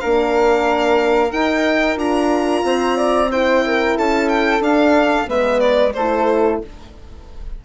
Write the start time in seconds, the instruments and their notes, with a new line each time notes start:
0.00 bassoon A#3, horn D4, flute A#4, violin F5
1.31 horn D#4, bassoon D#4, violin G5
1.96 bassoon D4, horn F4, violin A#5
2.64 bassoon C4, flute C5
2.97 flute D5
3.31 horn E4, flute C5, violin G5
3.67 flute A#4
3.98 bassoon C#4, flute A4, violin A5
4.29 violin G5
4.60 bassoon D4, horn D4, violin F5
5.26 bassoon G#3, horn B3, flute B4, violin E5
5.60 violin D5
5.94 bassoon A3, horn E4, flute A4, violin C5